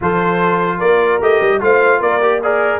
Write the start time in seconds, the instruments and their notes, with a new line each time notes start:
0.00 tuba F3, trombone F4, horn A4, trumpet C5
0.78 tuba A#3, horn A#4, trumpet D5
1.20 tuba A3, trombone G4, trumpet D#5
1.41 tuba G3
1.60 tuba A3, trombone F4, horn C5, trumpet F5
2.00 tuba A#3, horn A#4, trumpet D5
2.21 trombone G4
2.43 trombone G#4, trumpet A#4, horn D5